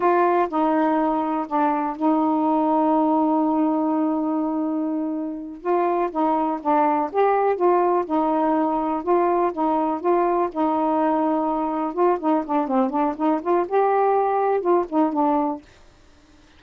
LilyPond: \new Staff \with { instrumentName = "saxophone" } { \time 4/4 \tempo 4 = 123 f'4 dis'2 d'4 | dis'1~ | dis'2.~ dis'8 f'8~ | f'8 dis'4 d'4 g'4 f'8~ |
f'8 dis'2 f'4 dis'8~ | dis'8 f'4 dis'2~ dis'8~ | dis'8 f'8 dis'8 d'8 c'8 d'8 dis'8 f'8 | g'2 f'8 dis'8 d'4 | }